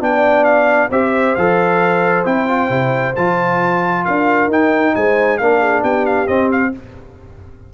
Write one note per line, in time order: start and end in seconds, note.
0.00 0.90 B3
0.00 0.90 D4
0.00 0.91 D5
0.00 0.44 G5
0.44 0.89 F5
0.90 1.35 C4
0.90 1.37 G4
0.90 4.04 C5
0.90 1.35 E5
1.35 2.25 F3
1.35 2.25 A4
1.35 2.25 F5
2.25 2.69 C4
2.25 2.47 E4
2.25 3.15 G5
2.47 2.69 F4
2.69 3.14 C3
2.69 3.14 E4
3.16 4.06 F3
3.16 4.51 F4
3.16 4.05 A5
4.05 4.48 D4
4.05 4.94 A#4
4.05 4.50 F5
4.48 4.92 D#4
4.48 5.41 D#4
4.48 4.95 G5
4.95 5.40 G#3
4.95 5.40 C5
4.95 5.38 G#5
5.38 5.83 A#3
5.38 6.27 D4
5.38 5.61 A#4
5.38 5.83 F5
5.61 5.81 G#4
5.81 6.28 B3
5.81 6.71 G4
5.81 6.06 G5
6.06 6.27 F5
6.27 6.72 C4
6.27 6.73 C4
6.27 6.50 D#5
6.51 6.74 F5